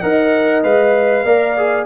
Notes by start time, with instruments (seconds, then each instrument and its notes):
0.00 tuba D#4, trombone A#4, horn D#5, trumpet F#5
0.64 tuba G#3, trombone B4, trumpet F5
1.24 tuba A#3, trombone A#4, horn D5
1.57 trombone G#4